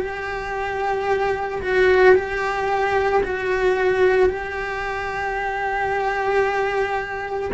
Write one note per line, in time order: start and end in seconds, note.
0.00 1.61 G4
1.61 2.15 F#4
2.15 3.22 G4
3.23 4.29 F#4
4.29 7.50 G4